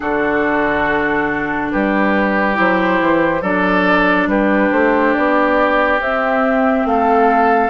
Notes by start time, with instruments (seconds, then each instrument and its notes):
0.00 bassoon D3, clarinet D4, oboe F#4, flute A4
1.71 bassoon G3, oboe G4, flute B4
2.54 bassoon F#3, clarinet E4, flute C5
3.00 bassoon E3
3.41 bassoon F#3, clarinet D4, oboe A4, flute D5
4.26 bassoon G3, oboe G4, flute B4
4.71 bassoon A3, flute C5
5.14 bassoon B3, flute D5
5.98 clarinet C4, bassoon C4, flute E5
6.84 bassoon A3, oboe A4, flute F5